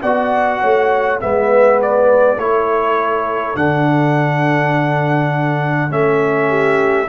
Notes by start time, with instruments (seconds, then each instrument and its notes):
0.00 tuba B3, trombone F#4, horn D5, trumpet F#5
0.60 tuba A3, horn C#5
1.19 tuba G#3, trombone B3, horn B4, trumpet E5
1.82 trumpet D5
2.37 tuba A3, trombone E4, horn A4, trumpet C#5
3.55 tuba D3, trombone D4, trumpet F#5
5.89 tuba A3, trombone C#4, trumpet E5
6.48 horn G4